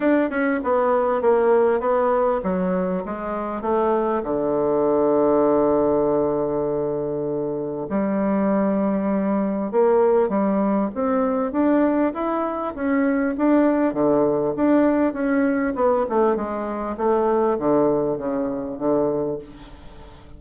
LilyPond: \new Staff \with { instrumentName = "bassoon" } { \time 4/4 \tempo 4 = 99 d'8 cis'8 b4 ais4 b4 | fis4 gis4 a4 d4~ | d1~ | d4 g2. |
ais4 g4 c'4 d'4 | e'4 cis'4 d'4 d4 | d'4 cis'4 b8 a8 gis4 | a4 d4 cis4 d4 | }